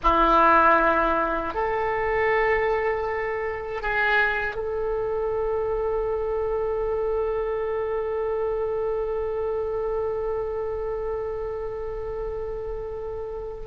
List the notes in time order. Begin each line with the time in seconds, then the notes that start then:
0.03 E4
1.54 A4
3.81 G#4
4.55 A4